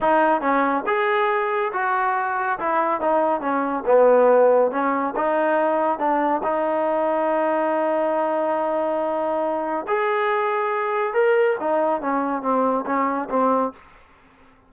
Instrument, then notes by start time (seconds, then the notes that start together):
trombone
0.01 D#4
0.41 C#4
0.86 G#4
1.73 F#4
2.59 E4
3.00 D#4
3.41 C#4
3.86 B3
4.71 C#4
5.15 D#4
5.98 D4
6.43 D#4
9.87 G#4
11.13 A#4
11.59 D#4
12.01 C#4
12.41 C4
12.86 C#4
13.29 C4